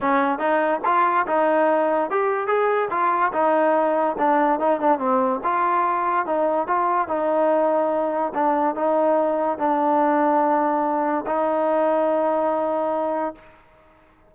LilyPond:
\new Staff \with { instrumentName = "trombone" } { \time 4/4 \tempo 4 = 144 cis'4 dis'4 f'4 dis'4~ | dis'4 g'4 gis'4 f'4 | dis'2 d'4 dis'8 d'8 | c'4 f'2 dis'4 |
f'4 dis'2. | d'4 dis'2 d'4~ | d'2. dis'4~ | dis'1 | }